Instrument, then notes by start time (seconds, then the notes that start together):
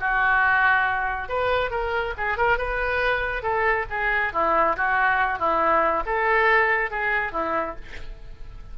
oboe
0.00 F#4
1.29 B4
1.71 A#4
2.18 G#4
2.38 A#4
2.58 B4
3.43 A4
3.90 G#4
4.33 E4
4.77 F#4
5.39 E4
6.06 A4
6.91 G#4
7.33 E4